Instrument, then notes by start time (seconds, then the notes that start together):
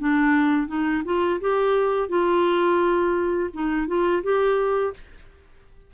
clarinet
0.00 D4
0.68 D#4
1.05 F4
1.41 G4
2.09 F4
3.54 D#4
3.88 F4
4.23 G4